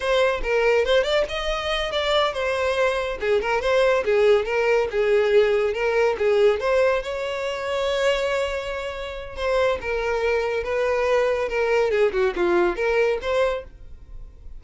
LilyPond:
\new Staff \with { instrumentName = "violin" } { \time 4/4 \tempo 4 = 141 c''4 ais'4 c''8 d''8 dis''4~ | dis''8 d''4 c''2 gis'8 | ais'8 c''4 gis'4 ais'4 gis'8~ | gis'4. ais'4 gis'4 c''8~ |
c''8 cis''2.~ cis''8~ | cis''2 c''4 ais'4~ | ais'4 b'2 ais'4 | gis'8 fis'8 f'4 ais'4 c''4 | }